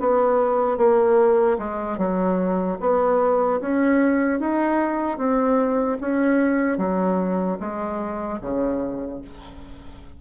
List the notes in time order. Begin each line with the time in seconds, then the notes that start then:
0.00 B3
0.77 A#3
1.59 G#3
1.98 F#3
2.81 B3
3.61 C#4
4.40 D#4
5.18 C4
6.01 C#4
6.78 F#3
7.60 G#3
8.41 C#3